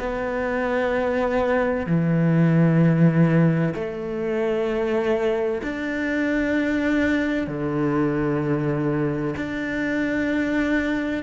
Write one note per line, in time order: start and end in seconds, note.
0.00 1.87 B3
1.87 3.75 E3
3.75 5.62 A3
5.63 7.48 D4
7.48 9.35 D3
9.37 11.24 D4